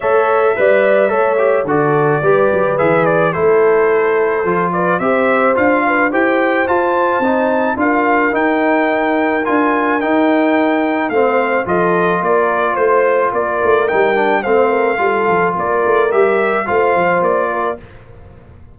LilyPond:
<<
  \new Staff \with { instrumentName = "trumpet" } { \time 4/4 \tempo 4 = 108 e''2. d''4~ | d''4 e''8 d''8 c''2~ | c''8 d''8 e''4 f''4 g''4 | a''2 f''4 g''4~ |
g''4 gis''4 g''2 | f''4 dis''4 d''4 c''4 | d''4 g''4 f''2 | d''4 e''4 f''4 d''4 | }
  \new Staff \with { instrumentName = "horn" } { \time 4/4 cis''4 d''4 cis''4 a'4 | b'2 a'2~ | a'8 b'8 c''4. b'8 c''4~ | c''2 ais'2~ |
ais'1 | c''4 a'4 ais'4 c''4 | ais'2 c''8 ais'8 a'4 | ais'2 c''4. ais'8 | }
  \new Staff \with { instrumentName = "trombone" } { \time 4/4 a'4 b'4 a'8 g'8 fis'4 | g'4 gis'4 e'2 | f'4 g'4 f'4 g'4 | f'4 dis'4 f'4 dis'4~ |
dis'4 f'4 dis'2 | c'4 f'2.~ | f'4 dis'8 d'8 c'4 f'4~ | f'4 g'4 f'2 | }
  \new Staff \with { instrumentName = "tuba" } { \time 4/4 a4 g4 a4 d4 | g8 fis8 e4 a2 | f4 c'4 d'4 e'4 | f'4 c'4 d'4 dis'4~ |
dis'4 d'4 dis'2 | a4 f4 ais4 a4 | ais8 a8 g4 a4 g8 f8 | ais8 a8 g4 a8 f8 ais4 | }
>>